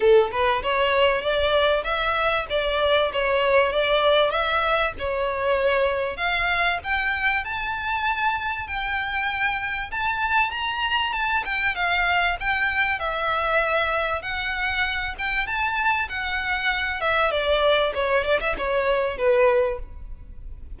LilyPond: \new Staff \with { instrumentName = "violin" } { \time 4/4 \tempo 4 = 97 a'8 b'8 cis''4 d''4 e''4 | d''4 cis''4 d''4 e''4 | cis''2 f''4 g''4 | a''2 g''2 |
a''4 ais''4 a''8 g''8 f''4 | g''4 e''2 fis''4~ | fis''8 g''8 a''4 fis''4. e''8 | d''4 cis''8 d''16 e''16 cis''4 b'4 | }